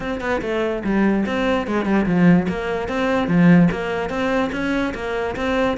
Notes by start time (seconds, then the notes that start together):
0.00 C4
0.20 B3
0.41 A3
0.83 G3
1.26 C4
1.67 G#3
1.85 G3
2.06 F3
2.48 A#3
2.88 C4
3.27 F3
3.71 A#3
4.09 C4
4.52 C#4
4.94 A#3
5.36 C4